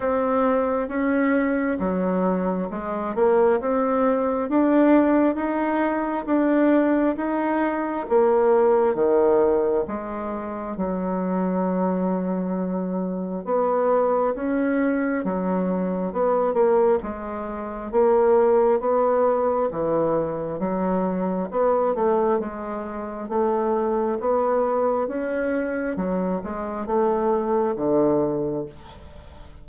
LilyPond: \new Staff \with { instrumentName = "bassoon" } { \time 4/4 \tempo 4 = 67 c'4 cis'4 fis4 gis8 ais8 | c'4 d'4 dis'4 d'4 | dis'4 ais4 dis4 gis4 | fis2. b4 |
cis'4 fis4 b8 ais8 gis4 | ais4 b4 e4 fis4 | b8 a8 gis4 a4 b4 | cis'4 fis8 gis8 a4 d4 | }